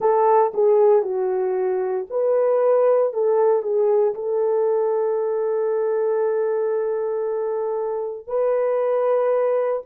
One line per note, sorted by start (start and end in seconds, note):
0.00 0.52 A4
0.54 1.02 G#4
1.02 2.05 F#4
2.09 3.13 B4
3.13 3.62 A4
3.62 4.14 G#4
4.14 8.27 A4
8.27 9.82 B4